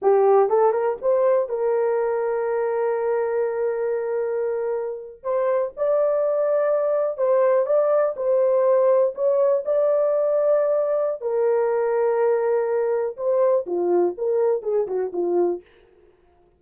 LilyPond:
\new Staff \with { instrumentName = "horn" } { \time 4/4 \tempo 4 = 123 g'4 a'8 ais'8 c''4 ais'4~ | ais'1~ | ais'2~ ais'8. c''4 d''16~ | d''2~ d''8. c''4 d''16~ |
d''8. c''2 cis''4 d''16~ | d''2. ais'4~ | ais'2. c''4 | f'4 ais'4 gis'8 fis'8 f'4 | }